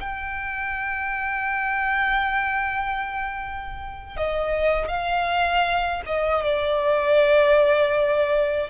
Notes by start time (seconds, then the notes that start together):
0.00 G5
4.17 D#5
4.88 F5
6.06 D#5
6.44 D5